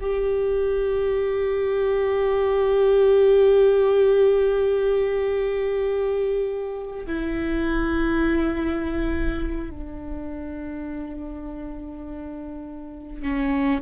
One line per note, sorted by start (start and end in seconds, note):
0.00 7.06 G4
7.06 9.70 E4
9.70 13.22 D4
13.22 13.81 C#4